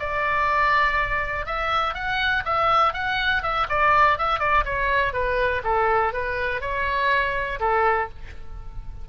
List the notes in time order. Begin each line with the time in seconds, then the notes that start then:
0.00 D5
1.46 E5
1.95 F#5
2.45 E5
2.94 F#5
3.43 E5
3.70 D5
4.19 E5
4.40 D5
4.65 C#5
5.14 B4
5.64 A4
6.14 B4
6.61 C#5
7.61 A4